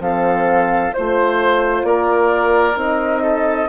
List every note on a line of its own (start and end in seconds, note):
0.00 0.92 F3
0.00 0.93 C4
0.00 0.96 A4
0.00 0.94 F5
0.94 1.83 A3
0.94 2.76 F4
0.94 1.85 C5
0.94 1.87 C5
1.83 2.76 A#3
1.83 3.23 A#4
1.83 2.78 D5
2.76 3.69 C4
2.76 3.68 D#4
2.76 3.70 D#5
3.23 3.69 A4